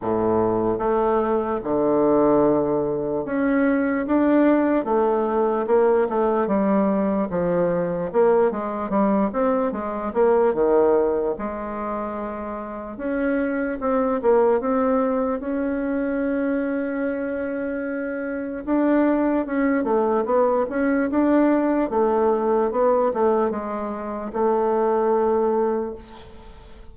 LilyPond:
\new Staff \with { instrumentName = "bassoon" } { \time 4/4 \tempo 4 = 74 a,4 a4 d2 | cis'4 d'4 a4 ais8 a8 | g4 f4 ais8 gis8 g8 c'8 | gis8 ais8 dis4 gis2 |
cis'4 c'8 ais8 c'4 cis'4~ | cis'2. d'4 | cis'8 a8 b8 cis'8 d'4 a4 | b8 a8 gis4 a2 | }